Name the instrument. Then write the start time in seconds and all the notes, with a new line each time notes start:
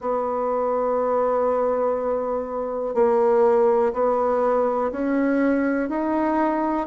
bassoon
0.00 B3
2.94 A#3
3.93 B3
4.91 C#4
5.89 D#4